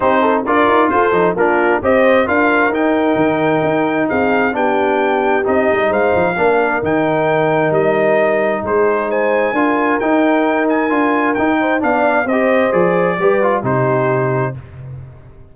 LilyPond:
<<
  \new Staff \with { instrumentName = "trumpet" } { \time 4/4 \tempo 4 = 132 c''4 d''4 c''4 ais'4 | dis''4 f''4 g''2~ | g''4 f''4 g''2 | dis''4 f''2 g''4~ |
g''4 dis''2 c''4 | gis''2 g''4. gis''8~ | gis''4 g''4 f''4 dis''4 | d''2 c''2 | }
  \new Staff \with { instrumentName = "horn" } { \time 4/4 g'8 a'8 ais'4 a'4 f'4 | c''4 ais'2.~ | ais'4 gis'4 g'2~ | g'4 c''4 ais'2~ |
ais'2. gis'4 | c''4 ais'2.~ | ais'4. c''8 d''4 c''4~ | c''4 b'4 g'2 | }
  \new Staff \with { instrumentName = "trombone" } { \time 4/4 dis'4 f'4. dis'8 d'4 | g'4 f'4 dis'2~ | dis'2 d'2 | dis'2 d'4 dis'4~ |
dis'1~ | dis'4 f'4 dis'2 | f'4 dis'4 d'4 g'4 | gis'4 g'8 f'8 dis'2 | }
  \new Staff \with { instrumentName = "tuba" } { \time 4/4 c'4 d'8 dis'8 f'8 f8 ais4 | c'4 d'4 dis'4 dis4 | dis'4 c'4 b2 | c'8 g8 gis8 f8 ais4 dis4~ |
dis4 g2 gis4~ | gis4 d'4 dis'2 | d'4 dis'4 b4 c'4 | f4 g4 c2 | }
>>